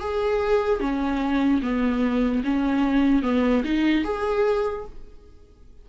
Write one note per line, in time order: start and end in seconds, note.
0.00 0.81 G#4
0.81 1.62 C#4
1.63 2.44 B3
2.45 3.23 C#4
3.23 3.64 B3
3.65 4.05 D#4
4.05 4.86 G#4